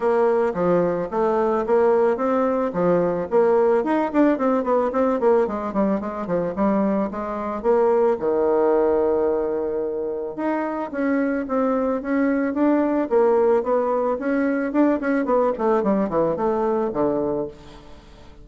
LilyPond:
\new Staff \with { instrumentName = "bassoon" } { \time 4/4 \tempo 4 = 110 ais4 f4 a4 ais4 | c'4 f4 ais4 dis'8 d'8 | c'8 b8 c'8 ais8 gis8 g8 gis8 f8 | g4 gis4 ais4 dis4~ |
dis2. dis'4 | cis'4 c'4 cis'4 d'4 | ais4 b4 cis'4 d'8 cis'8 | b8 a8 g8 e8 a4 d4 | }